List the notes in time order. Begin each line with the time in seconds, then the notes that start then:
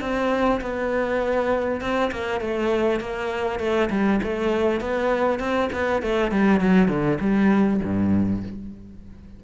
0.00 C4
0.61 B3
1.81 C4
2.11 A#3
2.41 A3
3.00 A#3
3.59 A3
3.90 G3
4.23 A3
4.81 B3
5.39 C4
5.72 B3
6.02 A3
6.31 G3
6.60 F#3
6.88 D3
7.20 G3
7.83 G2